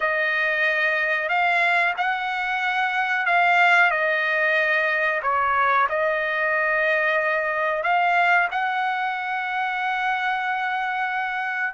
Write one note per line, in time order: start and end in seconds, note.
0.00 1.29 D#5
1.29 1.94 F5
1.97 3.25 F#5
3.25 3.90 F5
3.90 5.21 D#5
5.22 5.87 C#5
5.89 7.83 D#5
7.83 8.48 F5
8.51 11.74 F#5